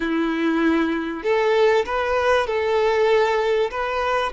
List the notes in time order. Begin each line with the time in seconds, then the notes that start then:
0.00 E4
1.23 A4
1.85 B4
2.46 A4
3.70 B4